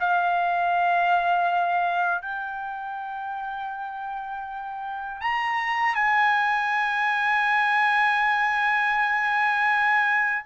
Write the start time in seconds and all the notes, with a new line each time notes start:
0.00 F5
2.22 G5
5.21 A#5
5.95 G#5